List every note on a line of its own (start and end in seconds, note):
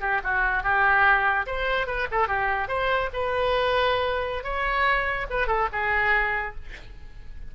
0.00 0.21 G4
0.23 0.63 F#4
0.63 1.45 G4
1.46 1.86 C5
1.86 2.07 B4
2.11 2.27 A4
2.27 2.67 G4
2.67 3.09 C5
3.13 4.43 B4
4.43 5.26 C#5
5.29 5.47 B4
5.47 5.68 A4
5.72 6.55 G#4